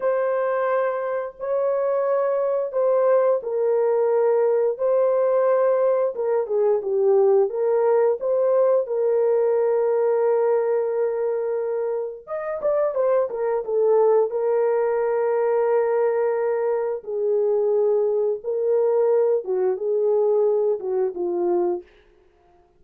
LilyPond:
\new Staff \with { instrumentName = "horn" } { \time 4/4 \tempo 4 = 88 c''2 cis''2 | c''4 ais'2 c''4~ | c''4 ais'8 gis'8 g'4 ais'4 | c''4 ais'2.~ |
ais'2 dis''8 d''8 c''8 ais'8 | a'4 ais'2.~ | ais'4 gis'2 ais'4~ | ais'8 fis'8 gis'4. fis'8 f'4 | }